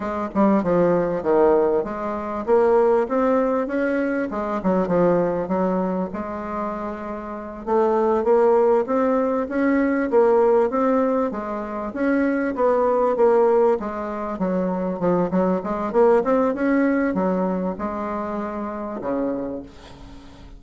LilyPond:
\new Staff \with { instrumentName = "bassoon" } { \time 4/4 \tempo 4 = 98 gis8 g8 f4 dis4 gis4 | ais4 c'4 cis'4 gis8 fis8 | f4 fis4 gis2~ | gis8 a4 ais4 c'4 cis'8~ |
cis'8 ais4 c'4 gis4 cis'8~ | cis'8 b4 ais4 gis4 fis8~ | fis8 f8 fis8 gis8 ais8 c'8 cis'4 | fis4 gis2 cis4 | }